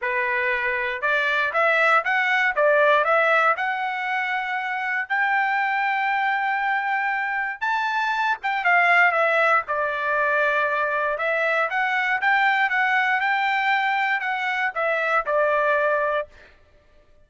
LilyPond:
\new Staff \with { instrumentName = "trumpet" } { \time 4/4 \tempo 4 = 118 b'2 d''4 e''4 | fis''4 d''4 e''4 fis''4~ | fis''2 g''2~ | g''2. a''4~ |
a''8 g''8 f''4 e''4 d''4~ | d''2 e''4 fis''4 | g''4 fis''4 g''2 | fis''4 e''4 d''2 | }